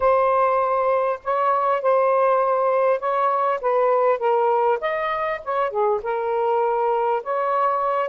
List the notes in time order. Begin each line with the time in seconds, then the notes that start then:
0.00 C5
1.24 C#5
1.82 C5
2.99 C#5
3.61 B4
4.18 A#4
4.80 D#5
5.44 C#5
5.70 G#4
6.02 A#4
7.23 C#5